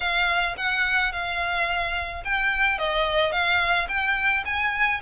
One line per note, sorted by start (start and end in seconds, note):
0.00 0.56 F5
0.57 1.12 F#5
1.12 2.23 F5
2.24 2.78 G5
2.78 3.32 D#5
3.32 3.87 F5
3.88 4.43 G5
4.45 5.00 G#5